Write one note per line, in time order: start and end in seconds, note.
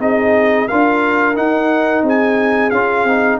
0.00 0.68 C4
0.00 0.68 D#4
0.00 0.69 G#4
0.00 0.68 D#5
0.68 1.37 D4
0.68 1.35 F4
0.68 2.04 A#4
0.68 1.36 F5
1.35 2.71 D#4
1.35 2.03 D#4
1.35 2.05 F#5
2.03 2.71 C4
2.03 3.40 G#4
2.03 2.70 G#5
2.70 3.04 C#4
2.70 3.08 F4
2.70 3.38 F5
3.04 3.38 C4
3.04 3.40 D#4